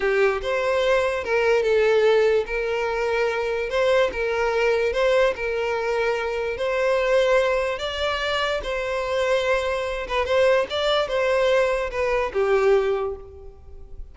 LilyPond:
\new Staff \with { instrumentName = "violin" } { \time 4/4 \tempo 4 = 146 g'4 c''2 ais'4 | a'2 ais'2~ | ais'4 c''4 ais'2 | c''4 ais'2. |
c''2. d''4~ | d''4 c''2.~ | c''8 b'8 c''4 d''4 c''4~ | c''4 b'4 g'2 | }